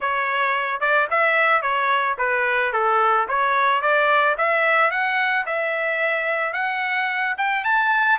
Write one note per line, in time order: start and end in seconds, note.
0.00 0.80 C#5
0.80 1.07 D5
1.10 1.62 E5
1.62 2.16 C#5
2.18 2.72 B4
2.72 3.27 A4
3.28 3.81 C#5
3.81 4.36 D5
4.37 4.90 E5
4.90 5.45 F#5
5.46 6.53 E5
6.53 7.35 F#5
7.37 7.64 G5
7.64 8.18 A5